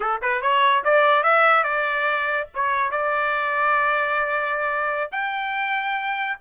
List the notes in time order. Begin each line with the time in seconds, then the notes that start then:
0.00 A4
0.21 B4
0.41 C#5
0.84 D5
1.23 E5
1.63 D5
2.54 C#5
2.91 D5
5.11 G5